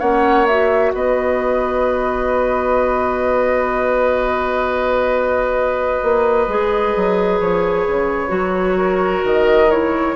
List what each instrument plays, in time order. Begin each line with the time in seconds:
0.00 bassoon A#3, clarinet C#4, oboe C#5, flute F#5
0.47 clarinet F#4, flute E5
0.93 bassoon B3, oboe B4, flute D#5
6.02 bassoon A#3
6.48 bassoon G#3, clarinet G#4
6.96 bassoon F#3
7.40 bassoon F3, flute C#5
7.87 bassoon C#3
8.28 bassoon F#3, clarinet F#4
8.77 oboe A#4
9.23 bassoon D#3, flute D#5
9.71 clarinet E4, flute C#5